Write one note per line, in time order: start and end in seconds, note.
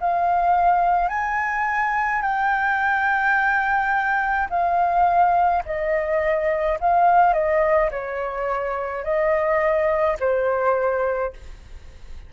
0.00 1.09 F5
1.09 2.22 G#5
2.22 4.48 G5
4.50 5.63 F5
5.66 6.79 D#5
6.80 7.33 F5
7.33 7.90 D#5
7.91 9.04 C#5
9.04 10.17 D#5
10.19 11.33 C5